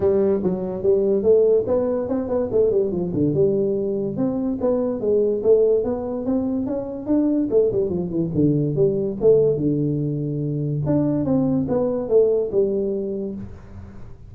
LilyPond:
\new Staff \with { instrumentName = "tuba" } { \time 4/4 \tempo 4 = 144 g4 fis4 g4 a4 | b4 c'8 b8 a8 g8 f8 d8 | g2 c'4 b4 | gis4 a4 b4 c'4 |
cis'4 d'4 a8 g8 f8 e8 | d4 g4 a4 d4~ | d2 d'4 c'4 | b4 a4 g2 | }